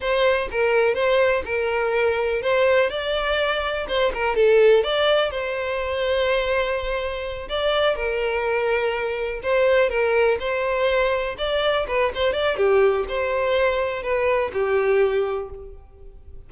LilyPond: \new Staff \with { instrumentName = "violin" } { \time 4/4 \tempo 4 = 124 c''4 ais'4 c''4 ais'4~ | ais'4 c''4 d''2 | c''8 ais'8 a'4 d''4 c''4~ | c''2.~ c''8 d''8~ |
d''8 ais'2. c''8~ | c''8 ais'4 c''2 d''8~ | d''8 b'8 c''8 d''8 g'4 c''4~ | c''4 b'4 g'2 | }